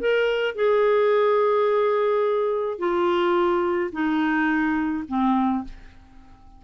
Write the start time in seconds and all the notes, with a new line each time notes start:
0.00 A#4
0.55 G#4
2.79 F4
3.93 D#4
5.08 C4